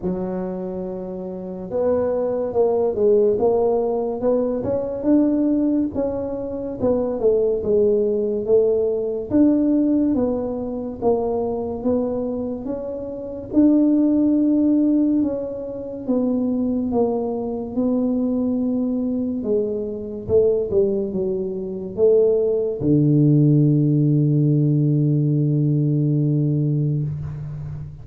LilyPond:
\new Staff \with { instrumentName = "tuba" } { \time 4/4 \tempo 4 = 71 fis2 b4 ais8 gis8 | ais4 b8 cis'8 d'4 cis'4 | b8 a8 gis4 a4 d'4 | b4 ais4 b4 cis'4 |
d'2 cis'4 b4 | ais4 b2 gis4 | a8 g8 fis4 a4 d4~ | d1 | }